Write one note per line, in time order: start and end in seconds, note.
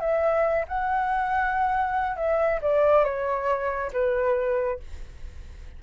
0.00 0.65 E5
0.68 2.16 F#5
2.16 2.60 E5
2.61 3.04 D5
3.04 3.91 C#5
3.92 4.79 B4